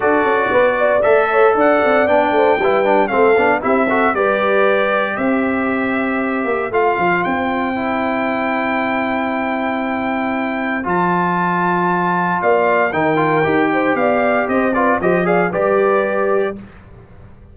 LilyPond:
<<
  \new Staff \with { instrumentName = "trumpet" } { \time 4/4 \tempo 4 = 116 d''2 e''4 fis''4 | g''2 f''4 e''4 | d''2 e''2~ | e''4 f''4 g''2~ |
g''1~ | g''4 a''2. | f''4 g''2 f''4 | dis''8 d''8 dis''8 f''8 d''2 | }
  \new Staff \with { instrumentName = "horn" } { \time 4/4 a'4 b'8 d''4 cis''8 d''4~ | d''8 c''8 b'4 a'4 g'8 a'8 | b'2 c''2~ | c''1~ |
c''1~ | c''1 | d''4 ais'4. c''8 d''4 | c''8 b'8 c''8 d''8 b'2 | }
  \new Staff \with { instrumentName = "trombone" } { \time 4/4 fis'2 a'2 | d'4 e'8 d'8 c'8 d'8 e'8 fis'8 | g'1~ | g'4 f'2 e'4~ |
e'1~ | e'4 f'2.~ | f'4 dis'8 f'8 g'2~ | g'8 f'8 g'8 gis'8 g'2 | }
  \new Staff \with { instrumentName = "tuba" } { \time 4/4 d'8 cis'8 b4 a4 d'8 c'8 | b8 a8 g4 a8 b8 c'4 | g2 c'2~ | c'8 ais8 a8 f8 c'2~ |
c'1~ | c'4 f2. | ais4 dis4 dis'4 b4 | c'4 f4 g2 | }
>>